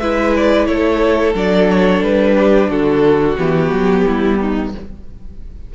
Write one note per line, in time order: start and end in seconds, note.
0.00 0.67 G#3
0.00 1.35 E4
0.00 0.68 B4
0.00 0.34 E5
0.37 0.67 D5
0.67 1.35 A3
0.67 2.37 A4
0.67 1.34 C#5
1.35 2.02 F#3
1.35 3.37 D4
1.35 1.70 D5
1.70 2.04 C#5
2.02 2.69 G3
2.02 2.70 B4
2.37 2.70 G4
2.70 3.38 D3
2.70 4.05 F#4
2.70 3.38 A4
3.38 3.72 E3
3.38 4.73 B3
3.38 4.72 G4
3.73 4.07 F#3
4.07 4.75 G3
4.07 4.40 E4
4.41 4.74 D#4